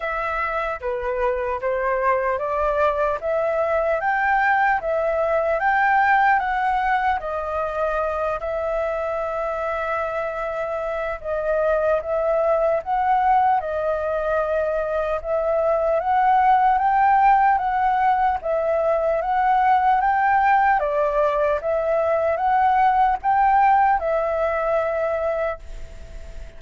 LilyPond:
\new Staff \with { instrumentName = "flute" } { \time 4/4 \tempo 4 = 75 e''4 b'4 c''4 d''4 | e''4 g''4 e''4 g''4 | fis''4 dis''4. e''4.~ | e''2 dis''4 e''4 |
fis''4 dis''2 e''4 | fis''4 g''4 fis''4 e''4 | fis''4 g''4 d''4 e''4 | fis''4 g''4 e''2 | }